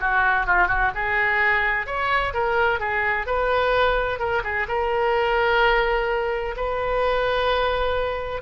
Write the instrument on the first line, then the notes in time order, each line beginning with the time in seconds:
oboe
0.00 F#4
0.46 F4
0.67 F#4
0.95 G#4
1.86 C#5
2.33 A#4
2.80 G#4
3.26 B4
4.19 A#4
4.43 G#4
4.67 A#4
6.56 B4